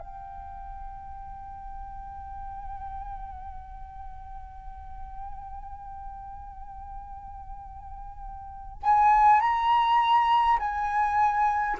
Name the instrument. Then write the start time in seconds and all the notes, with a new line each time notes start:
flute
0.00 G5
8.83 G#5
9.41 A#5
10.59 G#5